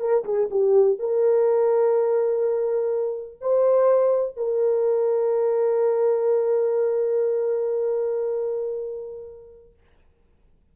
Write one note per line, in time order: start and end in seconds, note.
0.00 0.24 A#4
0.25 0.49 G#4
0.51 1.00 G4
1.00 3.41 A#4
3.41 4.37 C5
4.37 9.74 A#4